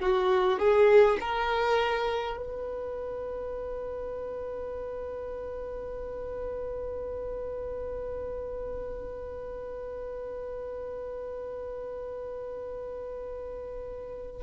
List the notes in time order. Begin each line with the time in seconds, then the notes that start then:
0.00 F#4
0.59 G#4
1.20 A#4
2.37 B4